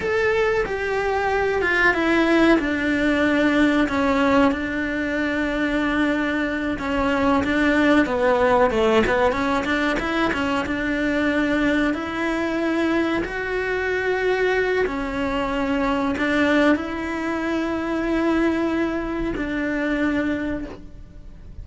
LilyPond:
\new Staff \with { instrumentName = "cello" } { \time 4/4 \tempo 4 = 93 a'4 g'4. f'8 e'4 | d'2 cis'4 d'4~ | d'2~ d'8 cis'4 d'8~ | d'8 b4 a8 b8 cis'8 d'8 e'8 |
cis'8 d'2 e'4.~ | e'8 fis'2~ fis'8 cis'4~ | cis'4 d'4 e'2~ | e'2 d'2 | }